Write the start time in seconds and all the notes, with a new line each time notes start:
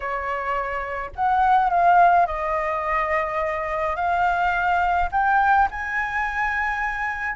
0.00 C#5
1.15 F#5
1.70 F5
2.26 D#5
3.95 F5
5.11 G5
5.70 G#5